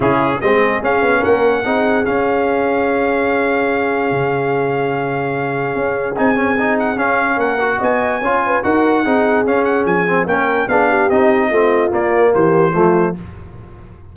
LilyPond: <<
  \new Staff \with { instrumentName = "trumpet" } { \time 4/4 \tempo 4 = 146 gis'4 dis''4 f''4 fis''4~ | fis''4 f''2.~ | f''1~ | f''2. gis''4~ |
gis''8 fis''8 f''4 fis''4 gis''4~ | gis''4 fis''2 f''8 fis''8 | gis''4 g''4 f''4 dis''4~ | dis''4 d''4 c''2 | }
  \new Staff \with { instrumentName = "horn" } { \time 4/4 e'4 gis'2 ais'4 | gis'1~ | gis'1~ | gis'1~ |
gis'2 ais'4 dis''4 | cis''8 b'8 ais'4 gis'2~ | gis'4 ais'4 gis'8 g'4. | f'2 g'4 f'4 | }
  \new Staff \with { instrumentName = "trombone" } { \time 4/4 cis'4 c'4 cis'2 | dis'4 cis'2.~ | cis'1~ | cis'2. dis'8 cis'8 |
dis'4 cis'4. fis'4. | f'4 fis'4 dis'4 cis'4~ | cis'8 c'8 cis'4 d'4 dis'4 | c'4 ais2 a4 | }
  \new Staff \with { instrumentName = "tuba" } { \time 4/4 cis4 gis4 cis'8 b8 ais4 | c'4 cis'2.~ | cis'2 cis2~ | cis2 cis'4 c'4~ |
c'4 cis'4 ais4 b4 | cis'4 dis'4 c'4 cis'4 | f4 ais4 b4 c'4 | a4 ais4 e4 f4 | }
>>